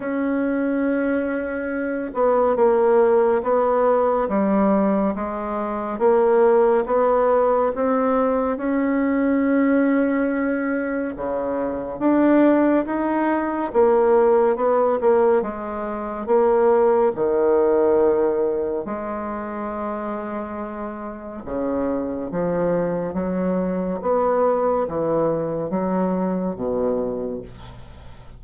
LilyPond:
\new Staff \with { instrumentName = "bassoon" } { \time 4/4 \tempo 4 = 70 cis'2~ cis'8 b8 ais4 | b4 g4 gis4 ais4 | b4 c'4 cis'2~ | cis'4 cis4 d'4 dis'4 |
ais4 b8 ais8 gis4 ais4 | dis2 gis2~ | gis4 cis4 f4 fis4 | b4 e4 fis4 b,4 | }